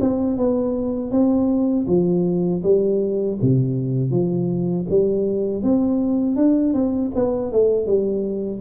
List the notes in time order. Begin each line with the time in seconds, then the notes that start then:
0.00 C4
0.37 B3
1.11 C4
1.87 F3
2.62 G3
3.41 C3
4.10 F3
4.90 G3
5.62 C4
6.36 D4
6.73 C4
7.14 B3
7.52 A3
7.86 G3